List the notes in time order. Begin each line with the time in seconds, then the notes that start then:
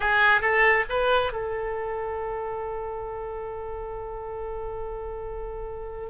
0.00 G#4
0.41 A4
0.89 B4
1.32 A4